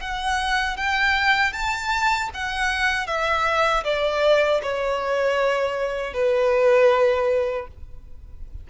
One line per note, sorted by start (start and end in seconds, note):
0.00 0.77 F#5
0.77 1.53 G5
1.53 2.30 A5
2.34 3.07 F#5
3.07 3.84 E5
3.84 4.61 D5
4.63 6.14 C#5
6.14 7.67 B4